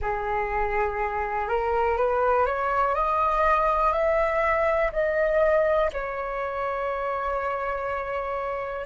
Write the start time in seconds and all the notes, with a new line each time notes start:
0.01 G#4
1.48 A#4
1.97 B4
2.46 C#5
2.94 D#5
3.93 E5
4.92 D#5
5.92 C#5